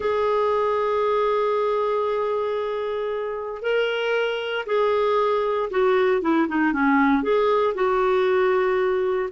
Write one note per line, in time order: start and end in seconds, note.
0.00 3.61 G#4
3.61 4.65 A#4
4.66 5.69 G#4
5.70 6.21 F#4
6.21 6.47 E4
6.48 6.72 D#4
6.72 7.22 C#4
7.22 7.74 G#4
7.74 9.29 F#4